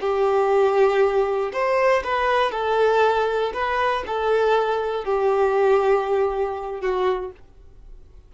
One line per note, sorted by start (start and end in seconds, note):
0.00 1.51 G4
1.52 2.03 C5
2.04 2.51 B4
2.51 3.52 A4
3.53 4.03 B4
4.06 5.04 A4
5.04 6.81 G4
6.81 7.31 F#4